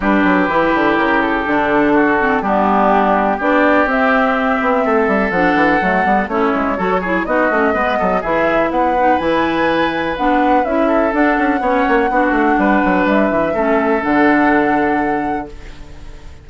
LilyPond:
<<
  \new Staff \with { instrumentName = "flute" } { \time 4/4 \tempo 4 = 124 b'2 ais'8 a'4.~ | a'4 g'2 d''4 | e''2. fis''4~ | fis''4 cis''2 dis''4~ |
dis''4 e''4 fis''4 gis''4~ | gis''4 fis''4 e''4 fis''4~ | fis''2. e''4~ | e''4 fis''2. | }
  \new Staff \with { instrumentName = "oboe" } { \time 4/4 g'1 | fis'4 d'2 g'4~ | g'2 a'2~ | a'4 e'4 a'8 gis'8 fis'4 |
b'8 a'8 gis'4 b'2~ | b'2~ b'8 a'4. | cis''4 fis'4 b'2 | a'1 | }
  \new Staff \with { instrumentName = "clarinet" } { \time 4/4 d'4 e'2 d'4~ | d'8 c'8 b2 d'4 | c'2. d'4 | a8 b8 cis'4 fis'8 e'8 dis'8 cis'8 |
b4 e'4. dis'8 e'4~ | e'4 d'4 e'4 d'4 | cis'4 d'2. | cis'4 d'2. | }
  \new Staff \with { instrumentName = "bassoon" } { \time 4/4 g8 fis8 e8 d8 cis4 d4~ | d4 g2 b4 | c'4. b8 a8 g8 f8 e8 | fis8 g8 a8 gis8 fis4 b8 a8 |
gis8 fis8 e4 b4 e4~ | e4 b4 cis'4 d'8 cis'8 | b8 ais8 b8 a8 g8 fis8 g8 e8 | a4 d2. | }
>>